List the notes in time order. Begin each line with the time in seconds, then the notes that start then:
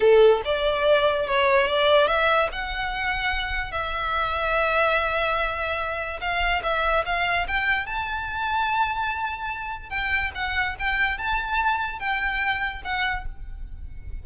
0.00 A4
0.44 D5
1.26 C#5
1.67 D5
2.07 E5
2.51 F#5
3.71 E5
6.20 F5
6.63 E5
7.05 F5
7.47 G5
7.86 A5
9.89 G5
10.34 F#5
10.79 G5
11.17 A5
11.99 G5
12.84 F#5